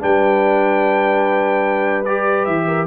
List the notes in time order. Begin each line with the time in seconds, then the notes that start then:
0.00 G3 D4 B4 G5
2.05 G4 D5
2.45 E3 E5
2.67 A#4